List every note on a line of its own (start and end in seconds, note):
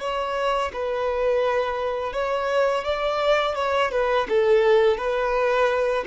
0.00 0.71 C#5
0.73 2.13 B4
2.13 2.84 C#5
2.85 3.56 D5
3.56 3.91 C#5
3.92 4.27 B4
4.29 4.97 A4
4.97 6.05 B4